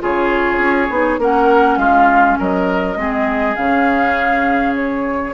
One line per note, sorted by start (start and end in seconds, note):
0.00 0.58 C#3
0.00 0.89 F4
0.00 1.21 G#4
0.00 1.21 C#5
0.58 0.88 C#4
0.91 1.19 B3
0.91 1.20 D#4
1.19 1.77 A#3
1.19 2.98 C#4
1.19 1.79 A#4
1.19 1.79 F#5
1.77 2.37 G#3
1.77 2.39 F4
1.77 2.38 F5
2.39 2.97 F#3
2.39 2.98 A#4
2.39 3.56 D#5
2.97 3.56 G#3
2.97 3.57 C4
2.97 5.34 G#4
3.56 5.34 C#3
3.56 5.34 C#4
3.56 4.75 F5
4.76 5.34 C#5